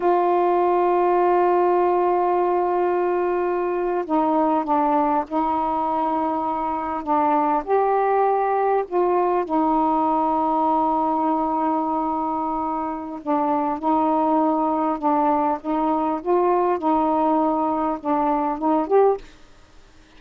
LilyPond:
\new Staff \with { instrumentName = "saxophone" } { \time 4/4 \tempo 4 = 100 f'1~ | f'2~ f'8. dis'4 d'16~ | d'8. dis'2. d'16~ | d'8. g'2 f'4 dis'16~ |
dis'1~ | dis'2 d'4 dis'4~ | dis'4 d'4 dis'4 f'4 | dis'2 d'4 dis'8 g'8 | }